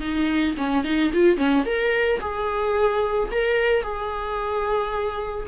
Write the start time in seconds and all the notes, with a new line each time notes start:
0.00 D#4
0.57 C#4
0.84 D#4
1.13 F4
1.37 C#4
1.65 A#4
2.20 G#4
3.31 A#4
3.83 G#4